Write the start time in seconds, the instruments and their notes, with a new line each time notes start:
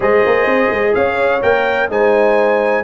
0.00 tuba G#3, trombone G#4, horn C5, trumpet D#5
0.26 tuba A#3
0.45 tuba C4
0.70 tuba G#3
0.94 tuba C#4, horn C#5, trumpet F5
1.41 tuba A#3, trombone A#4, trumpet G5
1.88 tuba G#3, trombone D#4, horn C5, trumpet G#5